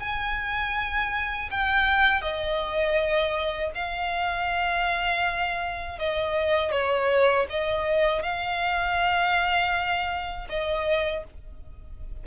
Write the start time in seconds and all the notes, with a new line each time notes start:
0.00 G#5
1.51 G5
2.22 D#5
3.75 F5
5.99 D#5
6.72 C#5
7.50 D#5
8.23 F5
10.49 D#5